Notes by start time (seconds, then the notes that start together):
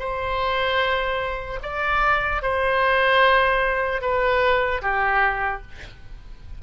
0.00 C5
1.63 D5
2.43 C5
4.02 B4
4.82 G4